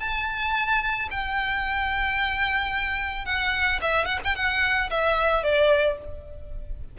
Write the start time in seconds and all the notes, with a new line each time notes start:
0.00 A5
1.11 G5
3.26 F#5
3.82 E5
4.06 F#5
4.24 G5
4.36 F#5
4.90 E5
5.44 D5